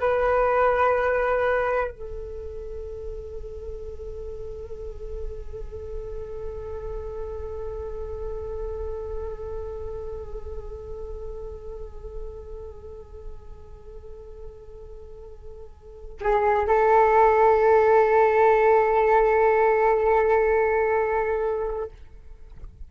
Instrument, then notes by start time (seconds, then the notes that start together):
flute
0.00 B4
1.90 A4
16.21 G#4
16.67 A4